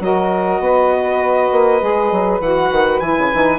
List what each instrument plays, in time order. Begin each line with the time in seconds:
0.00 bassoon F#3, saxophone F#4 A#4, violin D#5
0.60 bassoon B3, saxophone B4
1.52 bassoon A#3
1.80 bassoon G#3, saxophone G#4
2.12 bassoon F#3
2.40 bassoon E3, saxophone F#4, violin F#5
2.71 bassoon D#3
3.00 bassoon E3, saxophone E4, violin G#5
3.18 bassoon C#3
3.33 bassoon E3, saxophone D#4